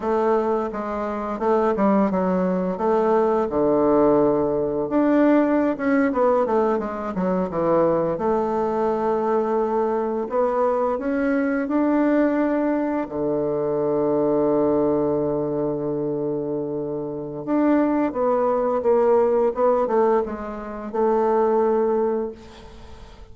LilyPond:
\new Staff \with { instrumentName = "bassoon" } { \time 4/4 \tempo 4 = 86 a4 gis4 a8 g8 fis4 | a4 d2 d'4~ | d'16 cis'8 b8 a8 gis8 fis8 e4 a16~ | a2~ a8. b4 cis'16~ |
cis'8. d'2 d4~ d16~ | d1~ | d4 d'4 b4 ais4 | b8 a8 gis4 a2 | }